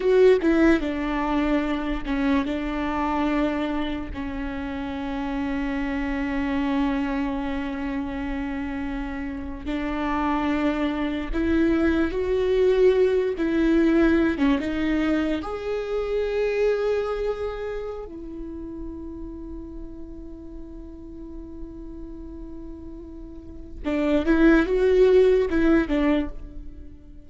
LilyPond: \new Staff \with { instrumentName = "viola" } { \time 4/4 \tempo 4 = 73 fis'8 e'8 d'4. cis'8 d'4~ | d'4 cis'2.~ | cis'2.~ cis'8. d'16~ | d'4.~ d'16 e'4 fis'4~ fis'16~ |
fis'16 e'4~ e'16 cis'16 dis'4 gis'4~ gis'16~ | gis'2 e'2~ | e'1~ | e'4 d'8 e'8 fis'4 e'8 d'8 | }